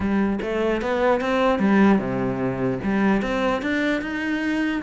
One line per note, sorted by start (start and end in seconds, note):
0.00 0.39 G3
0.42 0.81 A3
0.81 1.21 B3
1.21 1.59 C4
1.59 1.98 G3
1.98 2.78 C3
2.83 3.22 G3
3.22 3.62 C4
3.62 4.01 D4
4.01 4.81 D#4